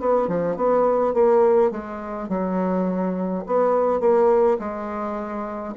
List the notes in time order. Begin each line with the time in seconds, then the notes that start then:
0.00 B3
0.28 F3
0.57 B3
1.14 A#3
1.72 G#3
2.29 F#3
3.47 B3
4.01 A#3
4.59 G#3